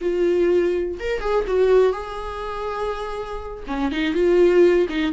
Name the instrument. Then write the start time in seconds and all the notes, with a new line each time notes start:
viola
0.01 F4
0.99 A#4
1.20 G#4
1.47 F#4
1.92 G#4
3.67 C#4
3.91 D#4
4.14 F4
4.89 D#4